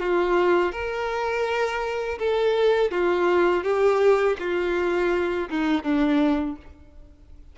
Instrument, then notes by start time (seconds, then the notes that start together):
violin
0.00 F4
0.72 A#4
2.19 A4
2.92 F4
3.64 G4
4.40 F4
5.50 D#4
5.83 D4